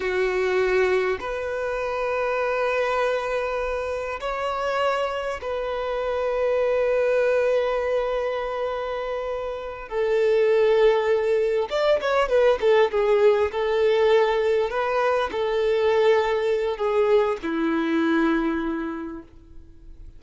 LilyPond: \new Staff \with { instrumentName = "violin" } { \time 4/4 \tempo 4 = 100 fis'2 b'2~ | b'2. cis''4~ | cis''4 b'2.~ | b'1~ |
b'8 a'2. d''8 | cis''8 b'8 a'8 gis'4 a'4.~ | a'8 b'4 a'2~ a'8 | gis'4 e'2. | }